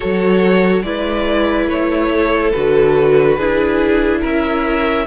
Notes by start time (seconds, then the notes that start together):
0.00 F#3 F#4 A4 C#5
0.83 G#3 E4 B4 D5
1.67 A3 C#5
2.11 A4
2.51 D3 F#4 B4
3.37 D4 E4 G#4
4.21 C#4 A#4 E5